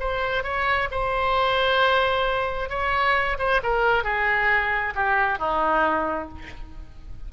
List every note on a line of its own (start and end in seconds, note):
0.00 0.44 C5
0.44 0.89 C#5
0.91 2.70 C5
2.70 3.38 C#5
3.39 3.62 C5
3.63 4.04 A#4
4.04 4.94 G#4
4.95 5.39 G4
5.39 6.29 D#4